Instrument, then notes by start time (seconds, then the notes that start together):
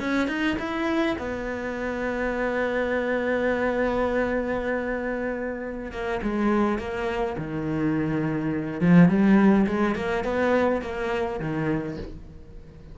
cello
0.00 C#4
0.28 D#4
0.59 E4
1.18 B3
5.92 A#3
6.23 G#3
6.79 A#3
7.38 D#3
8.81 F3
9.09 G3
9.67 G#3
9.95 A#3
10.25 B3
10.82 A#3
11.40 D#3